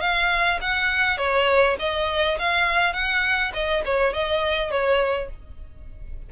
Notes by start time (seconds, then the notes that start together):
0.00 F5
0.61 F#5
1.17 C#5
1.79 D#5
2.39 F5
2.93 F#5
3.53 D#5
3.85 C#5
4.13 D#5
4.71 C#5